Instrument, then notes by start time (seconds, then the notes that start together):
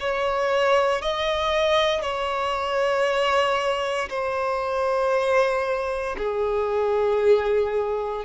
violin
0.00 C#5
1.02 D#5
2.02 C#5
4.09 C5
6.18 G#4